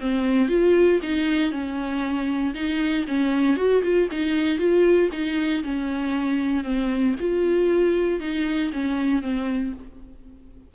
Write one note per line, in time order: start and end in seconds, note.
0.00 0.48 C4
0.48 1.00 F4
1.03 1.52 D#4
1.52 2.54 C#4
2.54 3.06 D#4
3.07 3.57 C#4
3.57 3.82 F#4
3.83 4.08 F4
4.11 4.58 D#4
4.58 5.10 F4
5.12 5.63 D#4
5.63 6.64 C#4
6.64 7.15 C4
7.20 8.20 F4
8.20 8.71 D#4
8.73 9.22 C#4
9.22 9.73 C4